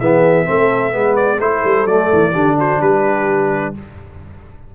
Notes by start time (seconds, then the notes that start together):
0.00 E3 B3 G#4 E5
0.46 A3 C4 A4
0.92 G#3 B3 B4
1.17 D5
1.40 A3 E4 A4 C5
1.65 G3
1.86 F#3 A3 D5
2.13 E3
2.32 D3 D4 G4
2.58 F#4 C5
2.80 G3 G4 B4